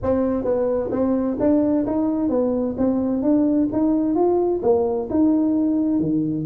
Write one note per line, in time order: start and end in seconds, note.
0.02 0.44 C4
0.44 0.90 B3
0.91 1.37 C4
1.39 1.85 D4
1.86 2.29 D#4
2.29 2.75 B3
2.77 3.22 C4
3.22 3.68 D4
3.72 4.15 D#4
4.15 4.61 F4
4.62 5.08 A#3
5.09 5.99 D#4
5.99 6.45 D#3